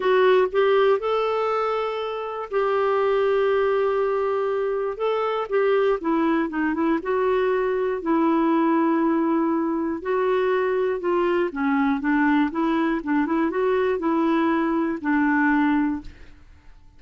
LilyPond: \new Staff \with { instrumentName = "clarinet" } { \time 4/4 \tempo 4 = 120 fis'4 g'4 a'2~ | a'4 g'2.~ | g'2 a'4 g'4 | e'4 dis'8 e'8 fis'2 |
e'1 | fis'2 f'4 cis'4 | d'4 e'4 d'8 e'8 fis'4 | e'2 d'2 | }